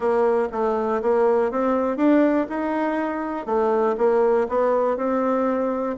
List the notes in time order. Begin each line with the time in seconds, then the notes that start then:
0.00 A#3
0.51 A3
1.02 A#3
1.51 C4
1.97 D4
2.49 D#4
3.46 A3
3.97 A#3
4.49 B3
4.96 C4